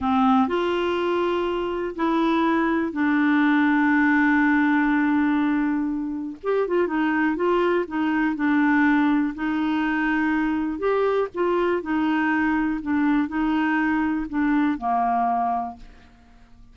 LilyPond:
\new Staff \with { instrumentName = "clarinet" } { \time 4/4 \tempo 4 = 122 c'4 f'2. | e'2 d'2~ | d'1~ | d'4 g'8 f'8 dis'4 f'4 |
dis'4 d'2 dis'4~ | dis'2 g'4 f'4 | dis'2 d'4 dis'4~ | dis'4 d'4 ais2 | }